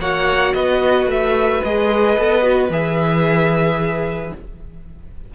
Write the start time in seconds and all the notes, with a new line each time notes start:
0.00 A#3 F#4 C#5 F#5
0.54 B3 B4 D#5
1.07 A3 E5
1.64 G#3 G#4 D#5
2.18 B3 A4
2.42 F#4
2.70 E3 G#4 E5